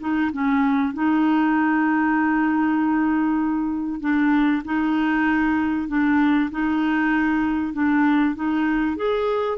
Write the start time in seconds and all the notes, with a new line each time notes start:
0.00 D#4
0.32 C#4
0.93 D#4
4.00 D4
4.64 D#4
5.88 D4
6.51 D#4
7.73 D4
8.35 D#4
8.96 G#4